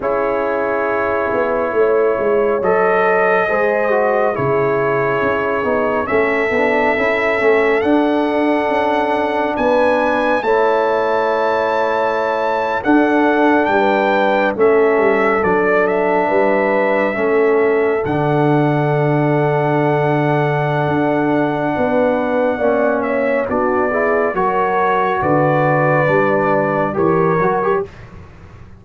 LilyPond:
<<
  \new Staff \with { instrumentName = "trumpet" } { \time 4/4 \tempo 4 = 69 cis''2. dis''4~ | dis''4 cis''2 e''4~ | e''4 fis''2 gis''4 | a''2~ a''8. fis''4 g''16~ |
g''8. e''4 d''8 e''4.~ e''16~ | e''8. fis''2.~ fis''16~ | fis''2~ fis''8 e''8 d''4 | cis''4 d''2 cis''4 | }
  \new Staff \with { instrumentName = "horn" } { \time 4/4 gis'2 cis''2 | c''4 gis'2 a'4~ | a'2. b'4 | cis''2~ cis''8. a'4 b'16~ |
b'8. a'2 b'4 a'16~ | a'1~ | a'4 b'4 d''8 cis''8 fis'8 gis'8 | ais'4 b'2 ais'4 | }
  \new Staff \with { instrumentName = "trombone" } { \time 4/4 e'2. a'4 | gis'8 fis'8 e'4. dis'8 cis'8 d'8 | e'8 cis'8 d'2. | e'2~ e'8. d'4~ d'16~ |
d'8. cis'4 d'2 cis'16~ | cis'8. d'2.~ d'16~ | d'2 cis'4 d'8 e'8 | fis'2 d'4 g'8 fis'16 g'16 | }
  \new Staff \with { instrumentName = "tuba" } { \time 4/4 cis'4. b8 a8 gis8 fis4 | gis4 cis4 cis'8 b8 a8 b8 | cis'8 a8 d'4 cis'4 b4 | a2~ a8. d'4 g16~ |
g8. a8 g8 fis4 g4 a16~ | a8. d2.~ d16 | d'4 b4 ais4 b4 | fis4 d4 g4 e8 fis8 | }
>>